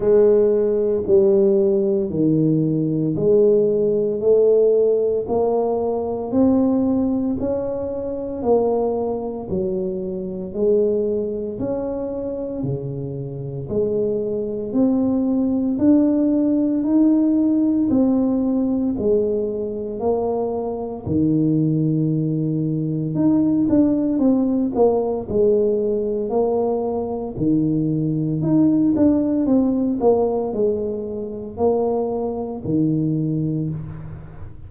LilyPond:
\new Staff \with { instrumentName = "tuba" } { \time 4/4 \tempo 4 = 57 gis4 g4 dis4 gis4 | a4 ais4 c'4 cis'4 | ais4 fis4 gis4 cis'4 | cis4 gis4 c'4 d'4 |
dis'4 c'4 gis4 ais4 | dis2 dis'8 d'8 c'8 ais8 | gis4 ais4 dis4 dis'8 d'8 | c'8 ais8 gis4 ais4 dis4 | }